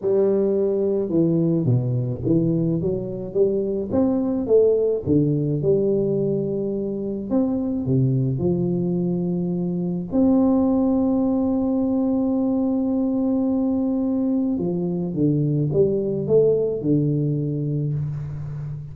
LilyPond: \new Staff \with { instrumentName = "tuba" } { \time 4/4 \tempo 4 = 107 g2 e4 b,4 | e4 fis4 g4 c'4 | a4 d4 g2~ | g4 c'4 c4 f4~ |
f2 c'2~ | c'1~ | c'2 f4 d4 | g4 a4 d2 | }